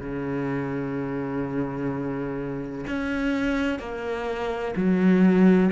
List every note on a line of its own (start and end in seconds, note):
0.00 2.86 C#3
2.87 3.80 C#4
3.80 4.75 A#3
4.76 5.71 F#3